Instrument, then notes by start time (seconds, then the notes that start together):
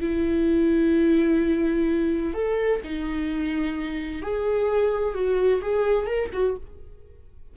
viola
0.00 E4
2.34 A4
2.84 D#4
4.21 G#4
5.14 F#4
5.61 G#4
6.06 A#4
6.33 F#4